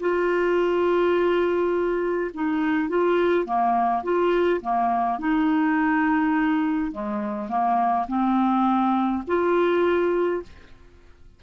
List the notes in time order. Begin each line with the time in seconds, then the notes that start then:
0.00 F4
2.34 D#4
2.88 F4
3.45 A#3
4.03 F4
4.61 A#3
5.19 D#4
6.91 G#3
7.48 A#3
8.08 C4
9.27 F4